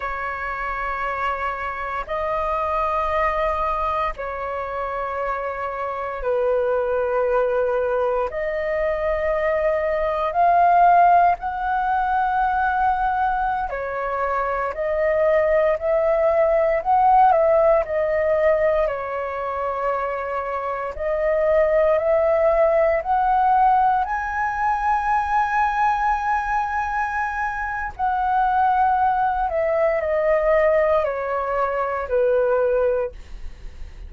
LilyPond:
\new Staff \with { instrumentName = "flute" } { \time 4/4 \tempo 4 = 58 cis''2 dis''2 | cis''2 b'2 | dis''2 f''4 fis''4~ | fis''4~ fis''16 cis''4 dis''4 e''8.~ |
e''16 fis''8 e''8 dis''4 cis''4.~ cis''16~ | cis''16 dis''4 e''4 fis''4 gis''8.~ | gis''2. fis''4~ | fis''8 e''8 dis''4 cis''4 b'4 | }